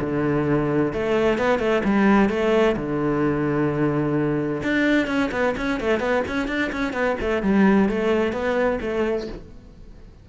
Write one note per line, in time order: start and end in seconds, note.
0.00 0.93 D3
0.93 1.38 A3
1.38 1.59 B3
1.59 1.82 A3
1.84 2.29 G3
2.29 2.75 A3
2.76 4.62 D3
4.63 5.07 D4
5.07 5.30 C#4
5.31 5.55 B3
5.56 5.80 C#4
5.80 6.00 A3
6.00 6.23 B3
6.27 6.48 C#4
6.48 6.71 D4
6.72 6.93 C#4
6.93 7.16 B3
7.21 7.42 A3
7.42 7.89 G3
7.89 8.32 A3
8.32 8.79 B3
8.81 9.27 A3